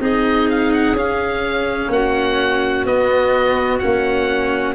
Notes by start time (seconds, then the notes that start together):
0.00 C4 D#4 G#4 D#5
0.50 F5
0.73 F#5
0.92 C#4 F5
1.89 A#3 F#4 F#5
2.85 B3 D#5
3.79 A#3 C#4 F#5